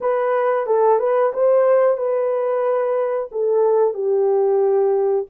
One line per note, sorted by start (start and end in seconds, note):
0.00 0.66 B4
0.66 0.99 A4
0.99 1.32 B4
1.33 1.97 C5
1.97 3.29 B4
3.31 3.94 A4
3.94 5.25 G4